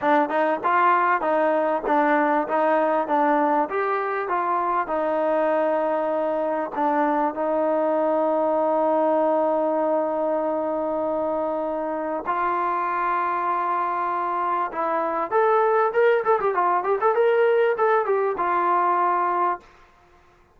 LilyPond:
\new Staff \with { instrumentName = "trombone" } { \time 4/4 \tempo 4 = 98 d'8 dis'8 f'4 dis'4 d'4 | dis'4 d'4 g'4 f'4 | dis'2. d'4 | dis'1~ |
dis'1 | f'1 | e'4 a'4 ais'8 a'16 g'16 f'8 g'16 a'16 | ais'4 a'8 g'8 f'2 | }